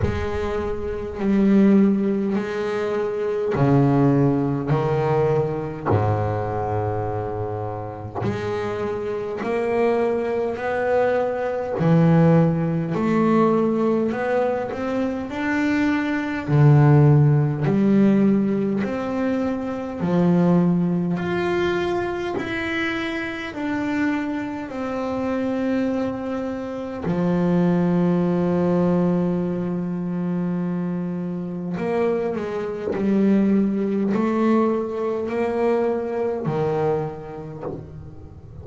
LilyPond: \new Staff \with { instrumentName = "double bass" } { \time 4/4 \tempo 4 = 51 gis4 g4 gis4 cis4 | dis4 gis,2 gis4 | ais4 b4 e4 a4 | b8 c'8 d'4 d4 g4 |
c'4 f4 f'4 e'4 | d'4 c'2 f4~ | f2. ais8 gis8 | g4 a4 ais4 dis4 | }